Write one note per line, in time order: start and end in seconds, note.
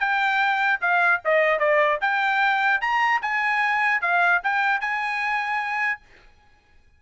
0.00 0.80 G5
0.81 1.21 F5
1.25 1.59 D#5
1.59 1.99 D5
2.01 2.81 G5
2.81 3.21 A#5
3.22 4.02 G#5
4.02 4.42 F5
4.44 4.81 G5
4.81 6.01 G#5